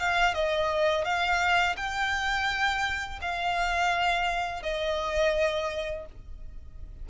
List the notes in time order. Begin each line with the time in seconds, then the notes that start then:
0.00 F5
0.35 D#5
1.05 F5
1.77 G5
3.22 F5
4.63 D#5